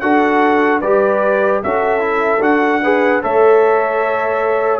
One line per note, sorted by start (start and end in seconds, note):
0.00 0.82 D4
0.00 0.82 F#4
0.00 0.81 A4
0.00 0.80 F#5
0.81 1.62 G3
0.81 1.64 G4
0.81 1.61 B4
0.81 1.61 D5
1.63 2.40 C#4
1.63 1.99 F#4
1.63 2.82 A4
1.63 2.43 E5
1.99 2.39 E4
2.40 3.20 D4
2.40 2.81 F#4
2.40 3.23 F#5
2.82 3.22 G#4
2.82 3.22 B4
3.22 4.79 A3
3.22 4.79 A4
3.22 4.79 C#5
3.22 4.79 E5